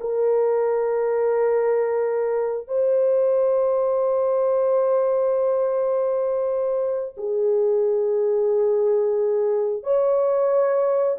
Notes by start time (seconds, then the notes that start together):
0.00 A#4
2.67 C5
7.17 G#4
9.83 C#5